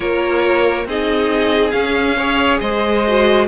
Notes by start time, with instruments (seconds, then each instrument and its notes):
0.00 cello A#3, viola F4, violin A#4 C#5
0.85 cello C4, viola D#4, violin G#4 D#5
1.70 viola C#4, cello C#4, violin F5
2.16 viola G#4, violin C#5
2.60 cello G#3, violin C5 D#5
3.07 viola F#4